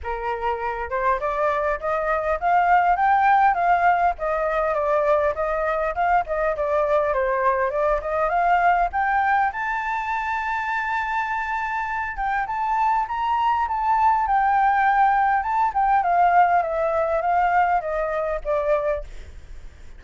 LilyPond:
\new Staff \with { instrumentName = "flute" } { \time 4/4 \tempo 4 = 101 ais'4. c''8 d''4 dis''4 | f''4 g''4 f''4 dis''4 | d''4 dis''4 f''8 dis''8 d''4 | c''4 d''8 dis''8 f''4 g''4 |
a''1~ | a''8 g''8 a''4 ais''4 a''4 | g''2 a''8 g''8 f''4 | e''4 f''4 dis''4 d''4 | }